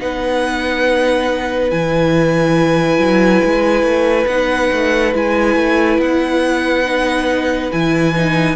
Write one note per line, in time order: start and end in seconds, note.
0.00 1.72 B3
0.00 1.71 D#4
0.00 8.56 B4
0.00 1.71 F#5
1.71 2.98 E3
1.71 4.28 E4
1.71 4.28 G#5
2.98 3.41 F#3
3.45 3.83 G#3
3.83 4.26 A3
4.27 4.70 B3
4.27 5.14 D#4
4.27 5.13 F#5
4.72 5.15 A3
5.14 5.56 G#3
5.14 6.86 E4
5.14 6.01 G#5
5.56 5.99 A3
5.99 7.70 B3
5.99 7.72 F#5
6.86 7.71 D#4
7.72 8.56 E3
7.72 8.16 E4
7.72 8.56 G#5
8.16 8.56 D#4